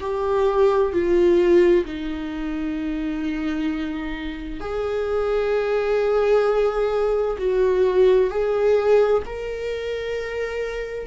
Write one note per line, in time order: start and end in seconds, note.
0.00 0.92 G4
0.92 1.85 F4
1.85 4.60 D#4
4.60 7.37 G#4
7.38 8.30 F#4
8.30 9.22 G#4
9.26 11.06 A#4